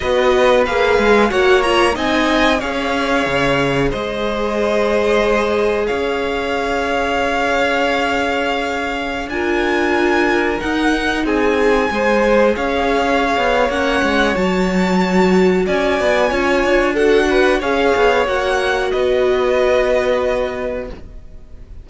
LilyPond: <<
  \new Staff \with { instrumentName = "violin" } { \time 4/4 \tempo 4 = 92 dis''4 f''4 fis''8 ais''8 gis''4 | f''2 dis''2~ | dis''4 f''2.~ | f''2~ f''16 gis''4.~ gis''16~ |
gis''16 fis''4 gis''2 f''8.~ | f''4 fis''4 a''2 | gis''2 fis''4 f''4 | fis''4 dis''2. | }
  \new Staff \with { instrumentName = "violin" } { \time 4/4 b'2 cis''4 dis''4 | cis''2 c''2~ | c''4 cis''2.~ | cis''2~ cis''16 ais'4.~ ais'16~ |
ais'4~ ais'16 gis'4 c''4 cis''8.~ | cis''1 | d''4 cis''4 a'8 b'8 cis''4~ | cis''4 b'2. | }
  \new Staff \with { instrumentName = "viola" } { \time 4/4 fis'4 gis'4 fis'8 f'8 dis'4 | gis'1~ | gis'1~ | gis'2~ gis'16 f'4.~ f'16~ |
f'16 dis'2 gis'4.~ gis'16~ | gis'4 cis'4 fis'2~ | fis'4 f'4 fis'4 gis'4 | fis'1 | }
  \new Staff \with { instrumentName = "cello" } { \time 4/4 b4 ais8 gis8 ais4 c'4 | cis'4 cis4 gis2~ | gis4 cis'2.~ | cis'2~ cis'16 d'4.~ d'16~ |
d'16 dis'4 c'4 gis4 cis'8.~ | cis'8 b8 ais8 gis8 fis2 | cis'8 b8 cis'8 d'4. cis'8 b8 | ais4 b2. | }
>>